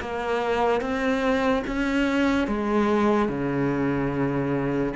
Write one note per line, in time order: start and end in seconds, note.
0.00 0.81 A#3
0.81 1.63 C4
1.67 2.47 C#4
2.47 3.28 G#3
3.28 4.93 C#3